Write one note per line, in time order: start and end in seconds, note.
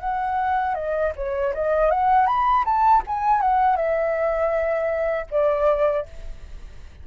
0.00 0.75 F#5
0.75 1.12 D#5
1.16 1.53 C#5
1.54 1.91 D#5
1.91 2.27 F#5
2.27 2.64 B5
2.65 3.03 A5
3.07 3.41 G#5
3.41 3.76 F#5
3.76 5.26 E5
5.31 6.06 D5